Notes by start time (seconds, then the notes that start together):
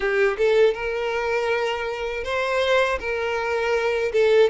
0.00 G4
0.37 A4
0.74 A#4
2.23 C5
2.99 A#4
4.12 A4